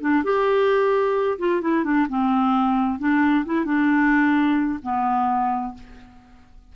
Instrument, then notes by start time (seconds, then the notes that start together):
clarinet
0.00 D4
0.23 G4
1.38 F4
1.61 E4
1.84 D4
2.08 C4
2.99 D4
3.45 E4
3.65 D4
4.82 B3